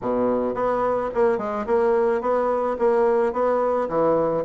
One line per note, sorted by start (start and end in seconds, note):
0.01 0.54 B2
0.54 1.10 B3
1.14 1.37 A#3
1.37 1.65 G#3
1.66 2.21 A#3
2.21 2.76 B3
2.79 3.33 A#3
3.33 3.88 B3
3.89 4.44 E3